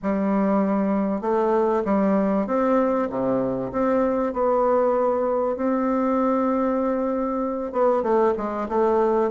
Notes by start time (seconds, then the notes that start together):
0.02 G3
1.21 A3
1.84 G3
2.47 C4
3.09 C3
3.71 C4
4.33 B3
5.56 C4
7.72 B3
8.02 A3
8.37 G#3
8.69 A3